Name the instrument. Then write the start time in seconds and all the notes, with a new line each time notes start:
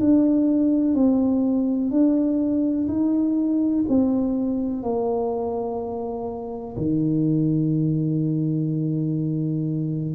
tuba
0.00 D4
0.95 C4
1.91 D4
2.88 D#4
3.89 C4
4.83 A#3
6.77 D#3